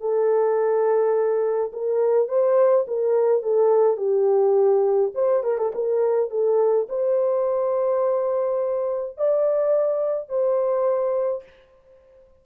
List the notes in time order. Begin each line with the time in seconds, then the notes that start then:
0.00 A4
1.72 A#4
2.28 C5
2.87 A#4
3.42 A4
3.97 G4
5.14 C5
5.43 A#4
5.57 A4
5.74 A#4
6.30 A4
6.89 C5
9.17 D5
10.29 C5